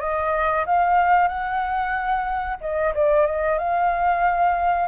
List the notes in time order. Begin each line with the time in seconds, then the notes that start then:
0.00 D#5
0.66 F5
1.28 F#5
2.61 D#5
2.94 D5
3.26 D#5
3.58 F5